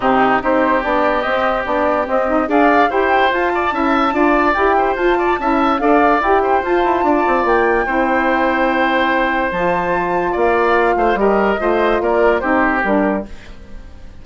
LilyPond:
<<
  \new Staff \with { instrumentName = "flute" } { \time 4/4 \tempo 4 = 145 g'4 c''4 d''4 dis''4 | d''4 dis''4 f''4 g''4 | a''2. g''4 | a''2 f''4 g''4 |
a''2 g''2~ | g''2. a''4~ | a''4 f''2 dis''4~ | dis''4 d''4 c''4 ais'4 | }
  \new Staff \with { instrumentName = "oboe" } { \time 4/4 dis'4 g'2.~ | g'2 d''4 c''4~ | c''8 d''8 e''4 d''4. c''8~ | c''8 d''8 e''4 d''4. c''8~ |
c''4 d''2 c''4~ | c''1~ | c''4 d''4. c''8 ais'4 | c''4 ais'4 g'2 | }
  \new Staff \with { instrumentName = "saxophone" } { \time 4/4 c'4 dis'4 d'4 c'4 | d'4 c'8 dis'8 gis'4 g'4 | f'4 e'4 f'4 g'4 | f'4 e'4 a'4 g'4 |
f'2. e'4~ | e'2. f'4~ | f'2. g'4 | f'2 dis'4 d'4 | }
  \new Staff \with { instrumentName = "bassoon" } { \time 4/4 c4 c'4 b4 c'4 | b4 c'4 d'4 e'4 | f'4 cis'4 d'4 e'4 | f'4 cis'4 d'4 e'4 |
f'8 e'8 d'8 c'8 ais4 c'4~ | c'2. f4~ | f4 ais4. a8 g4 | a4 ais4 c'4 g4 | }
>>